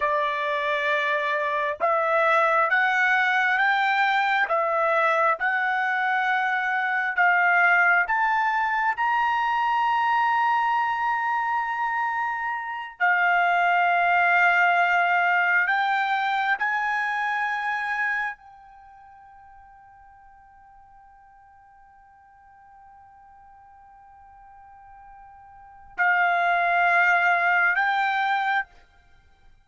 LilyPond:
\new Staff \with { instrumentName = "trumpet" } { \time 4/4 \tempo 4 = 67 d''2 e''4 fis''4 | g''4 e''4 fis''2 | f''4 a''4 ais''2~ | ais''2~ ais''8 f''4.~ |
f''4. g''4 gis''4.~ | gis''8 g''2.~ g''8~ | g''1~ | g''4 f''2 g''4 | }